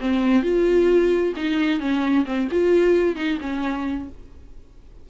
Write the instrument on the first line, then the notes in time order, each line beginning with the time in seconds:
viola
0.00 C4
0.42 F4
1.36 D#4
1.79 C#4
2.25 C4
2.51 F4
3.15 D#4
3.40 C#4